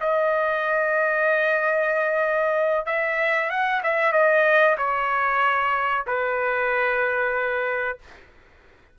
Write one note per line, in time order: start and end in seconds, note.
0.00 2.86 D#5
2.86 3.50 E5
3.50 3.82 F#5
3.83 4.12 E5
4.12 4.76 D#5
4.78 6.05 C#5
6.07 7.98 B4